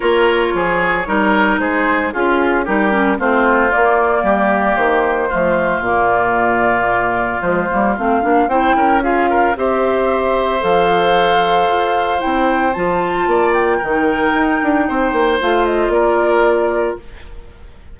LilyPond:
<<
  \new Staff \with { instrumentName = "flute" } { \time 4/4 \tempo 4 = 113 cis''2. c''4 | gis'4 ais'4 c''4 d''4~ | d''4 c''2 d''4~ | d''2 c''4 f''4 |
g''4 f''4 e''2 | f''2. g''4 | a''4. g''2~ g''8~ | g''4 f''8 dis''8 d''2 | }
  \new Staff \with { instrumentName = "oboe" } { \time 4/4 ais'4 gis'4 ais'4 gis'4 | f'4 g'4 f'2 | g'2 f'2~ | f'1 |
c''8 ais'8 gis'8 ais'8 c''2~ | c''1~ | c''4 d''4 ais'2 | c''2 ais'2 | }
  \new Staff \with { instrumentName = "clarinet" } { \time 4/4 f'2 dis'2 | f'4 dis'8 cis'8 c'4 ais4~ | ais2 a4 ais4~ | ais2 gis8 ais8 c'8 d'8 |
e'4 f'4 g'2 | a'2. e'4 | f'2 dis'2~ | dis'4 f'2. | }
  \new Staff \with { instrumentName = "bassoon" } { \time 4/4 ais4 f4 g4 gis4 | cis'4 g4 a4 ais4 | g4 dis4 f4 ais,4~ | ais,2 f8 g8 a8 ais8 |
c'8 cis'4. c'2 | f2 f'4 c'4 | f4 ais4 dis4 dis'8 d'8 | c'8 ais8 a4 ais2 | }
>>